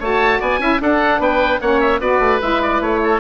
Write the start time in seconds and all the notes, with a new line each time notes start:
0.00 A3 F#4 C#5 A5
0.40 B3 D5 G#5
0.59 C#4 E4 E5
0.81 D4 A4 F#5
1.19 B3 B4 G5
1.61 A#3 C#4 C#5 F#5
1.81 E5
2.01 B3 F#4 B4 D5
2.20 A3
2.40 G#3 E4 E5
2.62 D5
2.81 A3 C#5
3.04 A4